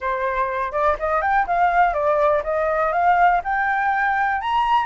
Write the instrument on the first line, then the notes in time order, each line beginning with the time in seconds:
flute
0.00 C5
0.72 D5
0.99 D#5
1.21 G5
1.46 F5
1.93 D5
2.43 D#5
2.92 F5
3.43 G5
4.41 A#5